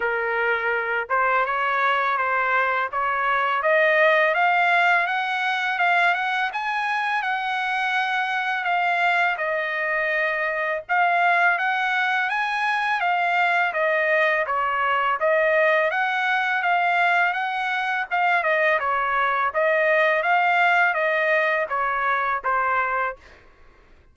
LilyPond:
\new Staff \with { instrumentName = "trumpet" } { \time 4/4 \tempo 4 = 83 ais'4. c''8 cis''4 c''4 | cis''4 dis''4 f''4 fis''4 | f''8 fis''8 gis''4 fis''2 | f''4 dis''2 f''4 |
fis''4 gis''4 f''4 dis''4 | cis''4 dis''4 fis''4 f''4 | fis''4 f''8 dis''8 cis''4 dis''4 | f''4 dis''4 cis''4 c''4 | }